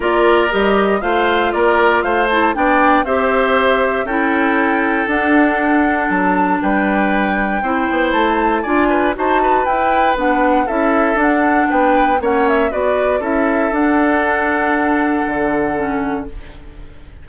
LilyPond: <<
  \new Staff \with { instrumentName = "flute" } { \time 4/4 \tempo 4 = 118 d''4 dis''4 f''4 d''4 | f''8 a''8 g''4 e''2 | g''2 fis''2 | a''4 g''2. |
a''4 gis''4 a''4 g''4 | fis''4 e''4 fis''4 g''4 | fis''8 e''8 d''4 e''4 fis''4~ | fis''1 | }
  \new Staff \with { instrumentName = "oboe" } { \time 4/4 ais'2 c''4 ais'4 | c''4 d''4 c''2 | a'1~ | a'4 b'2 c''4~ |
c''4 d''8 b'8 c''8 b'4.~ | b'4 a'2 b'4 | cis''4 b'4 a'2~ | a'1 | }
  \new Staff \with { instrumentName = "clarinet" } { \time 4/4 f'4 g'4 f'2~ | f'8 e'8 d'4 g'2 | e'2 d'2~ | d'2. e'4~ |
e'4 f'4 fis'4 e'4 | d'4 e'4 d'2 | cis'4 fis'4 e'4 d'4~ | d'2. cis'4 | }
  \new Staff \with { instrumentName = "bassoon" } { \time 4/4 ais4 g4 a4 ais4 | a4 b4 c'2 | cis'2 d'2 | fis4 g2 c'8 b8 |
a4 d'4 dis'4 e'4 | b4 cis'4 d'4 b4 | ais4 b4 cis'4 d'4~ | d'2 d2 | }
>>